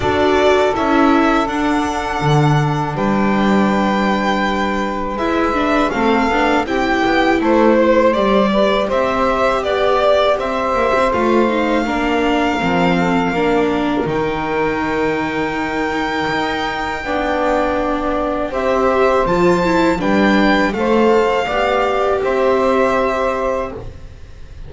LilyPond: <<
  \new Staff \with { instrumentName = "violin" } { \time 4/4 \tempo 4 = 81 d''4 e''4 fis''2 | g''2. e''4 | f''4 g''4 c''4 d''4 | e''4 d''4 e''4 f''4~ |
f''2. g''4~ | g''1~ | g''4 e''4 a''4 g''4 | f''2 e''2 | }
  \new Staff \with { instrumentName = "saxophone" } { \time 4/4 a'1 | b'1 | a'4 g'4 a'8 c''4 b'8 | c''4 d''4 c''2 |
ais'4. a'8 ais'2~ | ais'2. d''4~ | d''4 c''2 b'4 | c''4 d''4 c''2 | }
  \new Staff \with { instrumentName = "viola" } { \time 4/4 fis'4 e'4 d'2~ | d'2. e'8 d'8 | c'8 d'8 e'2 g'4~ | g'2. f'8 dis'8 |
d'4 c'4 d'4 dis'4~ | dis'2. d'4~ | d'4 g'4 f'8 e'8 d'4 | a'4 g'2. | }
  \new Staff \with { instrumentName = "double bass" } { \time 4/4 d'4 cis'4 d'4 d4 | g2. gis4 | a8 b8 c'8 b8 a4 g4 | c'4 b4 c'8 ais16 c'16 a4 |
ais4 f4 ais4 dis4~ | dis2 dis'4 b4~ | b4 c'4 f4 g4 | a4 b4 c'2 | }
>>